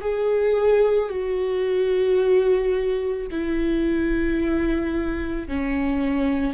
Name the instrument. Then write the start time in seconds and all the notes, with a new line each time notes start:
viola
0.00 G#4
1.09 F#4
3.30 E4
5.47 C#4